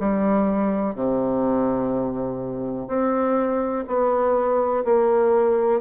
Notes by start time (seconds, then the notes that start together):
0.00 G3
0.95 C3
2.88 C4
3.88 B3
4.85 A#3